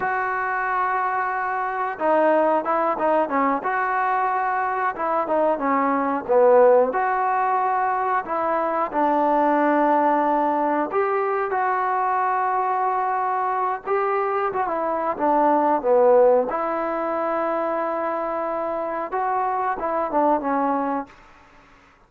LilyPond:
\new Staff \with { instrumentName = "trombone" } { \time 4/4 \tempo 4 = 91 fis'2. dis'4 | e'8 dis'8 cis'8 fis'2 e'8 | dis'8 cis'4 b4 fis'4.~ | fis'8 e'4 d'2~ d'8~ |
d'8 g'4 fis'2~ fis'8~ | fis'4 g'4 fis'16 e'8. d'4 | b4 e'2.~ | e'4 fis'4 e'8 d'8 cis'4 | }